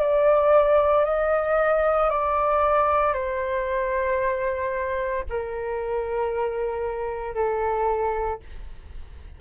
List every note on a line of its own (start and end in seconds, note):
0.00 1.05 D5
1.05 2.10 D#5
2.10 3.14 D5
3.14 5.24 C5
5.30 7.35 A#4
7.35 8.40 A4